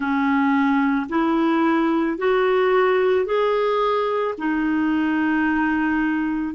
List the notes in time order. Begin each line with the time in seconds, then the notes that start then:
0.00 C#4
1.09 E4
2.18 F#4
3.25 G#4
4.37 D#4